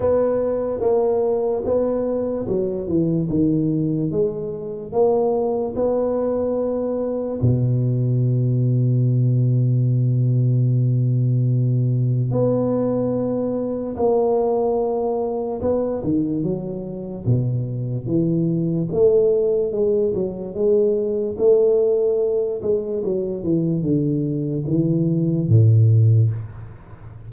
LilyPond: \new Staff \with { instrumentName = "tuba" } { \time 4/4 \tempo 4 = 73 b4 ais4 b4 fis8 e8 | dis4 gis4 ais4 b4~ | b4 b,2.~ | b,2. b4~ |
b4 ais2 b8 dis8 | fis4 b,4 e4 a4 | gis8 fis8 gis4 a4. gis8 | fis8 e8 d4 e4 a,4 | }